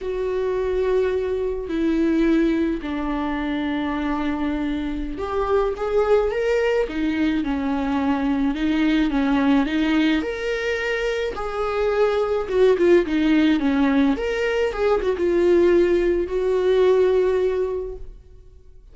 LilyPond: \new Staff \with { instrumentName = "viola" } { \time 4/4 \tempo 4 = 107 fis'2. e'4~ | e'4 d'2.~ | d'4~ d'16 g'4 gis'4 ais'8.~ | ais'16 dis'4 cis'2 dis'8.~ |
dis'16 cis'4 dis'4 ais'4.~ ais'16~ | ais'16 gis'2 fis'8 f'8 dis'8.~ | dis'16 cis'4 ais'4 gis'8 fis'16 f'4~ | f'4 fis'2. | }